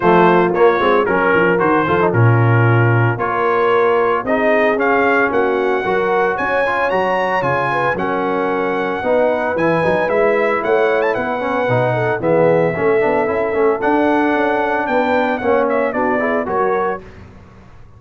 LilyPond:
<<
  \new Staff \with { instrumentName = "trumpet" } { \time 4/4 \tempo 4 = 113 c''4 cis''4 ais'4 c''4 | ais'2 cis''2 | dis''4 f''4 fis''2 | gis''4 ais''4 gis''4 fis''4~ |
fis''2 gis''4 e''4 | fis''8. a''16 fis''2 e''4~ | e''2 fis''2 | g''4 fis''8 e''8 d''4 cis''4 | }
  \new Staff \with { instrumentName = "horn" } { \time 4/4 f'2 ais'4. a'8 | f'2 ais'2 | gis'2 fis'4 ais'4 | cis''2~ cis''8 b'8 ais'4~ |
ais'4 b'2. | cis''4 b'4. a'8 gis'4 | a'1 | b'4 cis''4 fis'8 gis'8 ais'4 | }
  \new Staff \with { instrumentName = "trombone" } { \time 4/4 a4 ais8 c'8 cis'4 fis'8 f'16 dis'16 | cis'2 f'2 | dis'4 cis'2 fis'4~ | fis'8 f'8 fis'4 f'4 cis'4~ |
cis'4 dis'4 e'8 dis'8 e'4~ | e'4. cis'8 dis'4 b4 | cis'8 d'8 e'8 cis'8 d'2~ | d'4 cis'4 d'8 e'8 fis'4 | }
  \new Staff \with { instrumentName = "tuba" } { \time 4/4 f4 ais8 gis8 fis8 f8 dis8 f8 | ais,2 ais2 | c'4 cis'4 ais4 fis4 | cis'4 fis4 cis4 fis4~ |
fis4 b4 e8 fis8 gis4 | a4 b4 b,4 e4 | a8 b8 cis'8 a8 d'4 cis'4 | b4 ais4 b4 fis4 | }
>>